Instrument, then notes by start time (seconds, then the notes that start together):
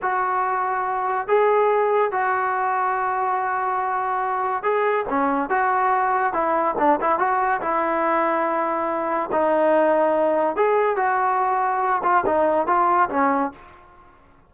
trombone
0.02 F#4
1.27 G#4
2.11 F#4
4.63 G#4
5.09 C#4
5.49 F#4
6.33 E4
6.78 D4
7.00 E4
7.18 F#4
7.61 E4
9.32 D#4
10.55 G#4
10.96 F#4
12.03 F4
12.26 D#4
12.66 F4
13.09 C#4